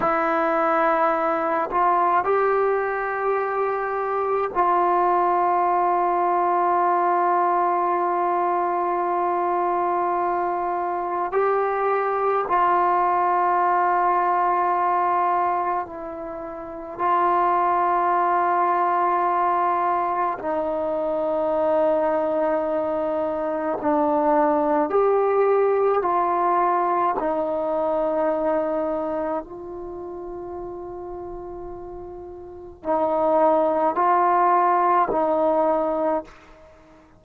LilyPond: \new Staff \with { instrumentName = "trombone" } { \time 4/4 \tempo 4 = 53 e'4. f'8 g'2 | f'1~ | f'2 g'4 f'4~ | f'2 e'4 f'4~ |
f'2 dis'2~ | dis'4 d'4 g'4 f'4 | dis'2 f'2~ | f'4 dis'4 f'4 dis'4 | }